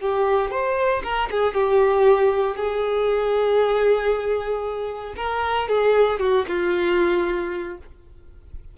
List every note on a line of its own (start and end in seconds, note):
0.00 0.50 G4
0.50 1.02 C5
1.03 1.29 A#4
1.30 1.54 G#4
1.54 2.56 G4
2.56 5.14 G#4
5.16 5.68 A#4
5.68 6.19 G#4
6.19 6.45 F#4
6.48 7.77 F4